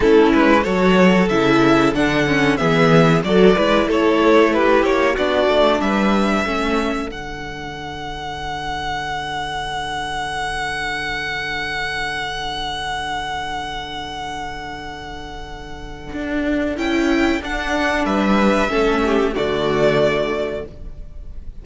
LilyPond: <<
  \new Staff \with { instrumentName = "violin" } { \time 4/4 \tempo 4 = 93 a'8 b'8 cis''4 e''4 fis''4 | e''4 d''4 cis''4 b'8 cis''8 | d''4 e''2 fis''4~ | fis''1~ |
fis''1~ | fis''1~ | fis''2 g''4 fis''4 | e''2 d''2 | }
  \new Staff \with { instrumentName = "violin" } { \time 4/4 e'4 a'2. | gis'4 a'8 b'8 a'4 g'4 | fis'4 b'4 a'2~ | a'1~ |
a'1~ | a'1~ | a'1 | b'4 a'8 g'8 fis'2 | }
  \new Staff \with { instrumentName = "viola" } { \time 4/4 cis'4 fis'4 e'4 d'8 cis'8 | b4 fis'8 e'2~ e'8 | d'2 cis'4 d'4~ | d'1~ |
d'1~ | d'1~ | d'2 e'4 d'4~ | d'4 cis'4 a2 | }
  \new Staff \with { instrumentName = "cello" } { \time 4/4 a8 gis8 fis4 cis4 d4 | e4 fis8 gis8 a4. ais8 | b8 a8 g4 a4 d4~ | d1~ |
d1~ | d1~ | d4 d'4 cis'4 d'4 | g4 a4 d2 | }
>>